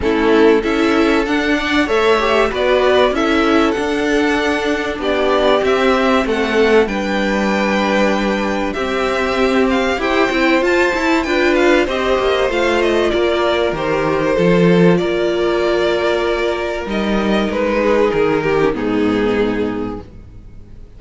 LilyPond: <<
  \new Staff \with { instrumentName = "violin" } { \time 4/4 \tempo 4 = 96 a'4 e''4 fis''4 e''4 | d''4 e''4 fis''2 | d''4 e''4 fis''4 g''4~ | g''2 e''4. f''8 |
g''4 a''4 g''8 f''8 dis''4 | f''8 dis''8 d''4 c''2 | d''2. dis''4 | b'4 ais'4 gis'2 | }
  \new Staff \with { instrumentName = "violin" } { \time 4/4 e'4 a'4. d''8 cis''4 | b'4 a'2. | g'2 a'4 b'4~ | b'2 g'2 |
c''2 b'4 c''4~ | c''4 ais'2 a'4 | ais'1~ | ais'8 gis'4 g'8 dis'2 | }
  \new Staff \with { instrumentName = "viola" } { \time 4/4 cis'4 e'4 d'4 a'8 g'8 | fis'4 e'4 d'2~ | d'4 c'2 d'4~ | d'2 c'2 |
g'8 e'8 f'8 e'8 f'4 g'4 | f'2 g'4 f'4~ | f'2. dis'4~ | dis'4.~ dis'16 cis'16 b2 | }
  \new Staff \with { instrumentName = "cello" } { \time 4/4 a4 cis'4 d'4 a4 | b4 cis'4 d'2 | b4 c'4 a4 g4~ | g2 c'2 |
e'8 c'8 f'8 e'8 d'4 c'8 ais8 | a4 ais4 dis4 f4 | ais2. g4 | gis4 dis4 gis,2 | }
>>